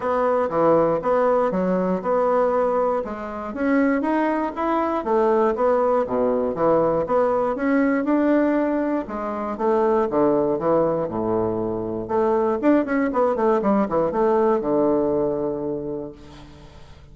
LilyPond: \new Staff \with { instrumentName = "bassoon" } { \time 4/4 \tempo 4 = 119 b4 e4 b4 fis4 | b2 gis4 cis'4 | dis'4 e'4 a4 b4 | b,4 e4 b4 cis'4 |
d'2 gis4 a4 | d4 e4 a,2 | a4 d'8 cis'8 b8 a8 g8 e8 | a4 d2. | }